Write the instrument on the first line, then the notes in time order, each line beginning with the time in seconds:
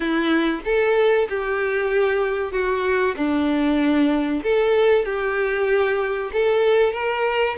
violin
0.00 E4
0.65 A4
1.29 G4
2.52 F#4
3.16 D4
4.43 A4
5.05 G4
6.32 A4
6.93 A#4